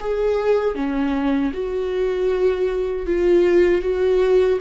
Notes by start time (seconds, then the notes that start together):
0.00 G#4
0.75 C#4
1.53 F#4
3.06 F4
3.82 F#4